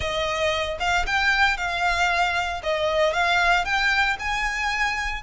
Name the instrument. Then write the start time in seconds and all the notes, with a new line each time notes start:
violin
0.00 D#5
0.79 F5
1.06 G5
1.57 F5
2.63 D#5
3.13 F5
3.64 G5
4.19 G#5